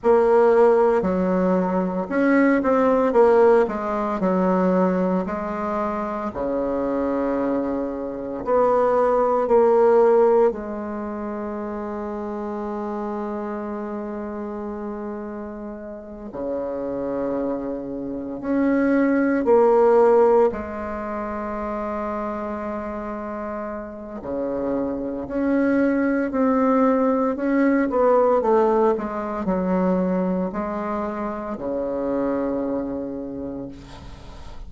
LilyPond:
\new Staff \with { instrumentName = "bassoon" } { \time 4/4 \tempo 4 = 57 ais4 fis4 cis'8 c'8 ais8 gis8 | fis4 gis4 cis2 | b4 ais4 gis2~ | gis2.~ gis8 cis8~ |
cis4. cis'4 ais4 gis8~ | gis2. cis4 | cis'4 c'4 cis'8 b8 a8 gis8 | fis4 gis4 cis2 | }